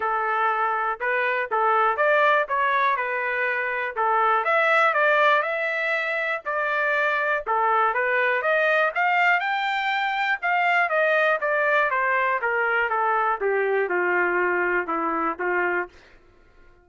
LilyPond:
\new Staff \with { instrumentName = "trumpet" } { \time 4/4 \tempo 4 = 121 a'2 b'4 a'4 | d''4 cis''4 b'2 | a'4 e''4 d''4 e''4~ | e''4 d''2 a'4 |
b'4 dis''4 f''4 g''4~ | g''4 f''4 dis''4 d''4 | c''4 ais'4 a'4 g'4 | f'2 e'4 f'4 | }